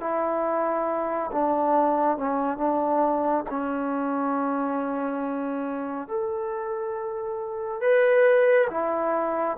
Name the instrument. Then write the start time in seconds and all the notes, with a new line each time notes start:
trombone
0.00 E4
1.32 D4
2.17 C#4
2.57 D4
3.50 C#4
6.08 A4
7.81 B4
8.70 E4